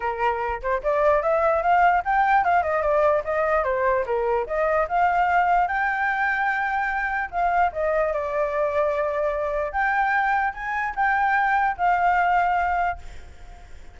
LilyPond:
\new Staff \with { instrumentName = "flute" } { \time 4/4 \tempo 4 = 148 ais'4. c''8 d''4 e''4 | f''4 g''4 f''8 dis''8 d''4 | dis''4 c''4 ais'4 dis''4 | f''2 g''2~ |
g''2 f''4 dis''4 | d''1 | g''2 gis''4 g''4~ | g''4 f''2. | }